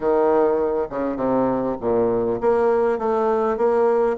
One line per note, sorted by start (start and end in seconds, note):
0.00 0.87 D#3
0.89 1.16 C#3
1.16 1.76 C3
1.80 2.39 A#2
2.40 2.98 A#3
2.98 3.57 A3
3.57 4.16 A#3